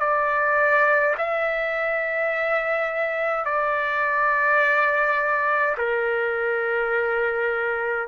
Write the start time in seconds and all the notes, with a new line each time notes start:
0.00 D5
1.18 E5
3.45 D5
5.77 A#4